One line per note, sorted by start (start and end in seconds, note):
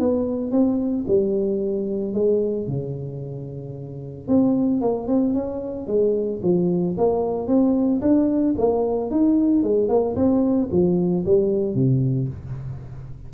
0.00 0.52 B3
0.52 1.05 C4
1.08 2.14 G3
2.14 2.68 G#3
2.68 4.28 C#3
4.28 4.81 C4
4.81 5.08 A#3
5.08 5.34 C4
5.34 5.87 C#4
5.87 6.41 G#3
6.43 6.97 F3
6.98 7.48 A#3
7.48 8.02 C4
8.02 8.55 D4
8.58 9.11 A#3
9.11 9.64 D#4
9.64 9.89 G#3
9.89 10.16 A#3
10.16 10.70 C4
10.72 11.25 F3
11.26 11.75 G3
11.75 12.28 C3